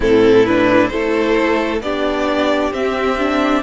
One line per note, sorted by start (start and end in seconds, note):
0.00 0.89 A2
0.00 0.45 C4
0.00 0.91 E4
0.00 0.45 A4
0.45 0.91 D4
0.45 0.87 B4
0.87 1.80 A3
0.87 1.82 E4
0.87 1.82 A4
0.87 1.78 C5
1.80 2.71 B3
1.80 2.72 D4
1.80 3.62 G4
1.80 2.72 D5
2.72 3.17 C4
2.72 3.62 C4
2.72 3.62 E5
3.18 3.62 D4